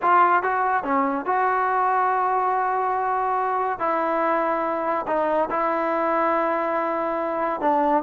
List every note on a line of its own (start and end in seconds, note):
0.01 0.42 F4
0.42 0.83 F#4
0.83 1.25 C#4
1.25 3.79 F#4
3.79 5.06 E4
5.07 5.49 D#4
5.50 7.61 E4
7.61 8.03 D4